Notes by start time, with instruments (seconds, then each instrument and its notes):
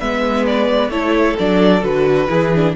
0.00 cello G#3, viola B3, violin B4 E5
0.46 violin D5
0.89 cello A3, viola E4, violin A4 C#5
1.39 cello F#3, viola D4, violin D5
1.81 cello D3, viola F#4, violin B4
2.28 cello E3, viola E4, violin G#4
2.55 viola D4